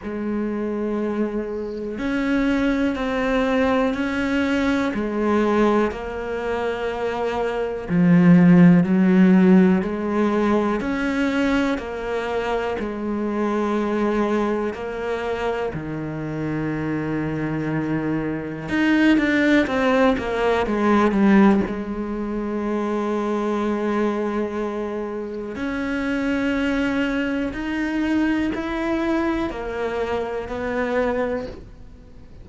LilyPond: \new Staff \with { instrumentName = "cello" } { \time 4/4 \tempo 4 = 61 gis2 cis'4 c'4 | cis'4 gis4 ais2 | f4 fis4 gis4 cis'4 | ais4 gis2 ais4 |
dis2. dis'8 d'8 | c'8 ais8 gis8 g8 gis2~ | gis2 cis'2 | dis'4 e'4 ais4 b4 | }